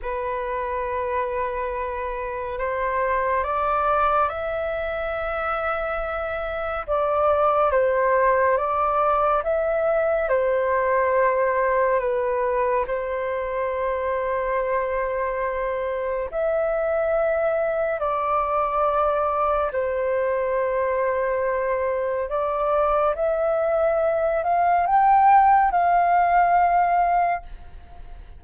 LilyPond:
\new Staff \with { instrumentName = "flute" } { \time 4/4 \tempo 4 = 70 b'2. c''4 | d''4 e''2. | d''4 c''4 d''4 e''4 | c''2 b'4 c''4~ |
c''2. e''4~ | e''4 d''2 c''4~ | c''2 d''4 e''4~ | e''8 f''8 g''4 f''2 | }